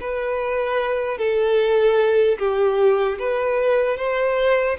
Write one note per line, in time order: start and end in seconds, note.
0.00 1.18 B4
1.18 2.38 A4
2.38 3.18 G4
3.19 3.97 B4
3.97 4.77 C5